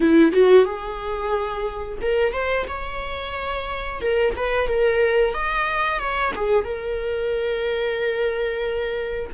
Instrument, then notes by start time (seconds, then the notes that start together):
viola
0.00 E4
0.32 F#4
0.65 G#4
2.02 A#4
2.32 C5
2.67 C#5
4.01 A#4
4.35 B4
4.67 A#4
5.34 D#5
5.99 C#5
6.35 G#4
6.64 A#4